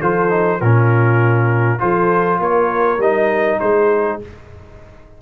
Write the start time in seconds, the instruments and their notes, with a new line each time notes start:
0.00 tuba F3, trombone F4, horn A4, trumpet C5
0.29 trombone D#4
0.59 tuba A#2, trombone C#4, horn F4, trumpet A#4
1.78 tuba F3, trombone F4, horn A4, trumpet C5
2.39 tuba A#3, horn A#4, trumpet C#5
2.98 tuba G3, trombone D#4, trumpet D#5
3.59 tuba G#3, horn G#4, trumpet C5